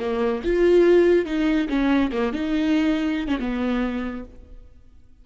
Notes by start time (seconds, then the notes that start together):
0.00 A#3
0.44 F4
1.26 D#4
1.69 C#4
2.12 A#3
2.33 D#4
3.28 C#4
3.40 B3